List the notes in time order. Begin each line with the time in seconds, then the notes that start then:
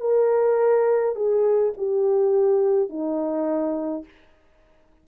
0.00 A#4
1.15 G#4
1.77 G4
2.89 D#4